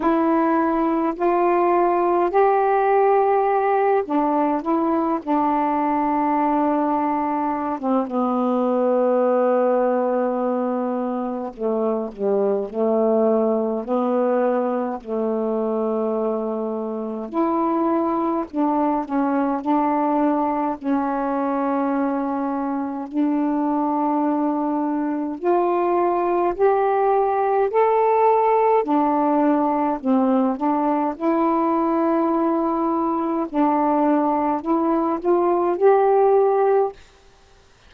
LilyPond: \new Staff \with { instrumentName = "saxophone" } { \time 4/4 \tempo 4 = 52 e'4 f'4 g'4. d'8 | e'8 d'2~ d'16 c'16 b4~ | b2 a8 g8 a4 | b4 a2 e'4 |
d'8 cis'8 d'4 cis'2 | d'2 f'4 g'4 | a'4 d'4 c'8 d'8 e'4~ | e'4 d'4 e'8 f'8 g'4 | }